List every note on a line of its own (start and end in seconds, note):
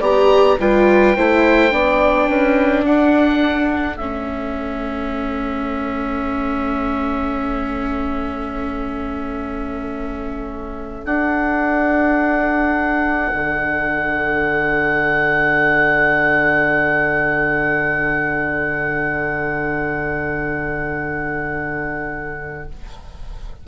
0.00 0.57 B3
0.00 0.58 G4
0.00 0.57 D5
0.00 0.60 A#5
0.59 1.16 G3
0.59 1.17 F4
0.59 1.17 B4
0.59 2.85 G5
1.17 1.72 A3
1.17 1.71 E4
1.17 1.73 C5
1.71 2.28 B3
1.71 3.97 D4
1.71 2.29 D5
2.28 2.84 C#4
2.28 2.84 B4
2.84 3.96 D4
2.84 22.65 A4
2.84 3.97 F#5
3.96 11.04 A3
3.96 11.07 C#4
3.96 11.04 E5
11.05 13.31 D4
11.05 22.67 D4
11.05 22.66 F#5
13.33 22.67 D3